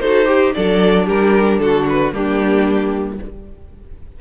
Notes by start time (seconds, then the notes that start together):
0.00 D#4 F#4 A4 C5
0.25 G4
0.54 F#3 D4 A4 D5
1.06 G3 G4 A#4
1.60 D3 F#4 A4
1.89 B4
2.12 G3 A#3 D4 G4